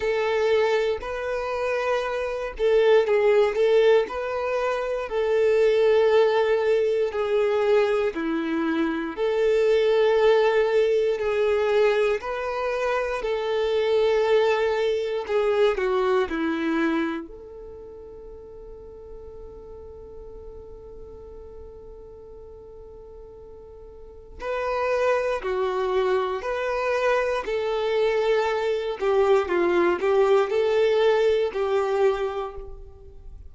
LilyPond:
\new Staff \with { instrumentName = "violin" } { \time 4/4 \tempo 4 = 59 a'4 b'4. a'8 gis'8 a'8 | b'4 a'2 gis'4 | e'4 a'2 gis'4 | b'4 a'2 gis'8 fis'8 |
e'4 a'2.~ | a'1 | b'4 fis'4 b'4 a'4~ | a'8 g'8 f'8 g'8 a'4 g'4 | }